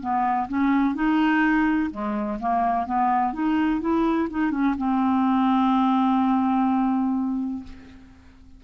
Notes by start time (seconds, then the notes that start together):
0.00 B3
0.48 C#4
0.95 D#4
1.91 G#3
2.40 A#3
2.86 B3
3.33 D#4
3.81 E4
4.30 D#4
4.51 C#4
4.77 C4